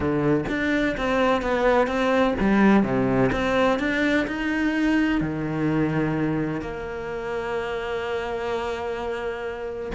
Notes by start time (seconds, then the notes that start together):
0.00 D3
0.49 D4
0.97 C4
1.42 B3
1.87 C4
2.39 G3
2.83 C3
3.32 C4
3.79 D4
4.27 D#4
5.21 D#3
6.61 A#3